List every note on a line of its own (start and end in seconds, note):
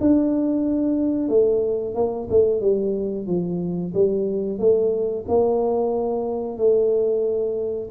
0.00 1.29 D4
1.29 1.95 A3
1.95 2.28 A#3
2.30 2.60 A3
2.60 3.26 G3
3.27 3.93 F3
3.94 4.59 G3
4.59 5.24 A3
5.27 6.57 A#3
6.57 7.89 A3